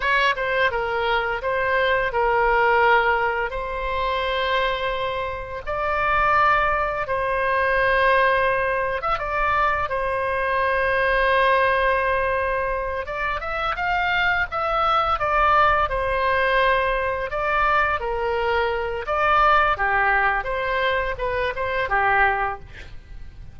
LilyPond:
\new Staff \with { instrumentName = "oboe" } { \time 4/4 \tempo 4 = 85 cis''8 c''8 ais'4 c''4 ais'4~ | ais'4 c''2. | d''2 c''2~ | c''8. e''16 d''4 c''2~ |
c''2~ c''8 d''8 e''8 f''8~ | f''8 e''4 d''4 c''4.~ | c''8 d''4 ais'4. d''4 | g'4 c''4 b'8 c''8 g'4 | }